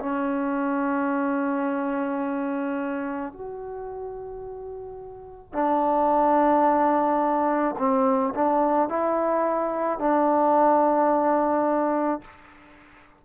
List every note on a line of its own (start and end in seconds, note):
0.00 3.33 C#4
3.33 5.53 F#4
5.53 7.75 D4
7.78 8.34 C4
8.35 8.89 D4
8.89 9.99 E4
9.99 12.22 D4